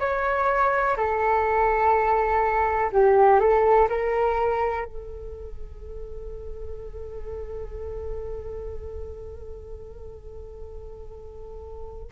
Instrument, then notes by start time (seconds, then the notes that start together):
flute
0.00 C#5
0.97 A4
2.92 G4
3.40 A4
3.89 A#4
4.85 A4